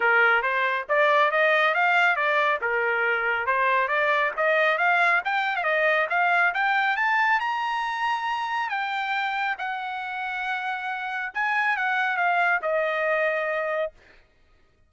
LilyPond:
\new Staff \with { instrumentName = "trumpet" } { \time 4/4 \tempo 4 = 138 ais'4 c''4 d''4 dis''4 | f''4 d''4 ais'2 | c''4 d''4 dis''4 f''4 | g''8. f''16 dis''4 f''4 g''4 |
a''4 ais''2. | g''2 fis''2~ | fis''2 gis''4 fis''4 | f''4 dis''2. | }